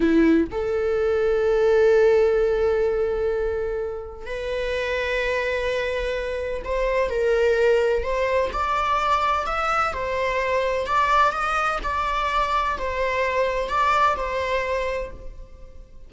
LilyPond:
\new Staff \with { instrumentName = "viola" } { \time 4/4 \tempo 4 = 127 e'4 a'2.~ | a'1~ | a'4 b'2.~ | b'2 c''4 ais'4~ |
ais'4 c''4 d''2 | e''4 c''2 d''4 | dis''4 d''2 c''4~ | c''4 d''4 c''2 | }